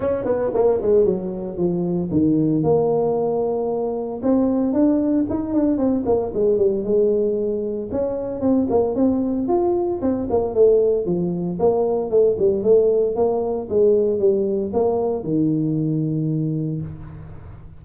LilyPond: \new Staff \with { instrumentName = "tuba" } { \time 4/4 \tempo 4 = 114 cis'8 b8 ais8 gis8 fis4 f4 | dis4 ais2. | c'4 d'4 dis'8 d'8 c'8 ais8 | gis8 g8 gis2 cis'4 |
c'8 ais8 c'4 f'4 c'8 ais8 | a4 f4 ais4 a8 g8 | a4 ais4 gis4 g4 | ais4 dis2. | }